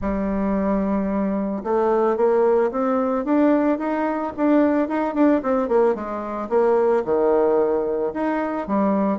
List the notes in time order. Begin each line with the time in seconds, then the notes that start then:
0.01 G3
1.63 A3
2.16 A#3
2.71 C4
3.24 D4
3.78 D#4
4.36 D4
4.88 D#4
5.14 D4
5.42 C4
5.68 A#3
5.95 G#3
6.49 A#3
7.04 D#3
8.13 D#4
8.67 G3